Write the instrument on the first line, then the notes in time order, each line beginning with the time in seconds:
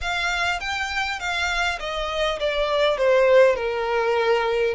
violin
0.01 F5
0.60 G5
1.19 F5
1.79 D#5
2.39 D5
2.97 C5
3.55 A#4